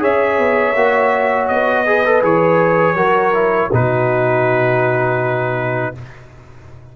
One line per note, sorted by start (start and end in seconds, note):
0.00 0.39 C#4
0.00 0.74 G#4
0.00 1.85 C#5
0.00 1.48 E5
0.39 0.75 B3
0.75 1.49 A#3
0.75 1.87 F#4
1.48 2.23 B3
1.48 2.22 D#5
1.87 2.05 G#4
1.87 2.97 B4
2.05 2.23 A4
2.23 2.95 E3
2.23 2.97 G#4
2.23 3.73 C#5
2.95 3.69 F#3
2.95 3.34 F#4
2.95 3.71 A#4
3.34 3.71 E4
3.72 5.95 B2
3.72 5.95 D#4
3.72 5.94 F#4
3.72 5.97 B4